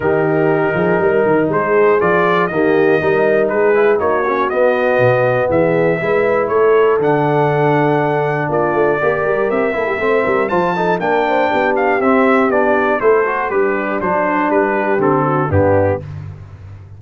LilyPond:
<<
  \new Staff \with { instrumentName = "trumpet" } { \time 4/4 \tempo 4 = 120 ais'2. c''4 | d''4 dis''2 b'4 | cis''4 dis''2 e''4~ | e''4 cis''4 fis''2~ |
fis''4 d''2 e''4~ | e''4 a''4 g''4. f''8 | e''4 d''4 c''4 b'4 | c''4 b'4 a'4 g'4 | }
  \new Staff \with { instrumentName = "horn" } { \time 4/4 g'4. gis'8 ais'4 gis'4~ | gis'4 g'4 ais'4 gis'4 | fis'2. gis'4 | b'4 a'2.~ |
a'4 f'4 ais'4. a'16 g'16 | c''8 ais'8 c''8 a'8 ais'8 c''8 g'4~ | g'2 a'4 d'4~ | d'4. g'4 fis'8 d'4 | }
  \new Staff \with { instrumentName = "trombone" } { \time 4/4 dis'1 | f'4 ais4 dis'4. e'8 | dis'8 cis'8 b2. | e'2 d'2~ |
d'2 g'4. e'8 | c'4 f'8 dis'8 d'2 | c'4 d'4 e'8 fis'8 g'4 | d'2 c'4 b4 | }
  \new Staff \with { instrumentName = "tuba" } { \time 4/4 dis4. f8 g8 dis8 gis4 | f4 dis4 g4 gis4 | ais4 b4 b,4 e4 | gis4 a4 d2~ |
d4 ais8 a8 ais8 g8 c'8 ais8 | a8 g8 f4 ais4 b4 | c'4 b4 a4 g4 | fis4 g4 d4 g,4 | }
>>